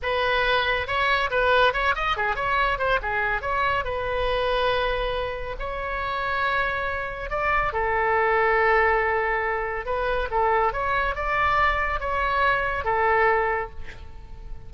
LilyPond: \new Staff \with { instrumentName = "oboe" } { \time 4/4 \tempo 4 = 140 b'2 cis''4 b'4 | cis''8 dis''8 gis'8 cis''4 c''8 gis'4 | cis''4 b'2.~ | b'4 cis''2.~ |
cis''4 d''4 a'2~ | a'2. b'4 | a'4 cis''4 d''2 | cis''2 a'2 | }